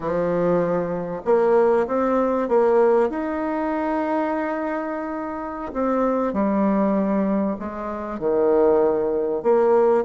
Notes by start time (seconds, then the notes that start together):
0.00 F3
1.25 A#3
1.87 C4
2.48 A#3
3.09 D#4
5.73 C4
6.33 G3
7.59 G#3
8.19 D#3
9.42 A#3